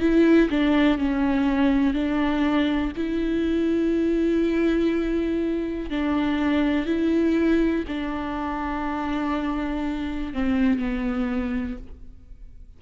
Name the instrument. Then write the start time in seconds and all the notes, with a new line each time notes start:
viola
0.00 E4
0.51 D4
0.98 C#4
1.94 D4
2.97 E4
5.91 D4
6.86 E4
7.88 D4
10.34 C4
10.79 B3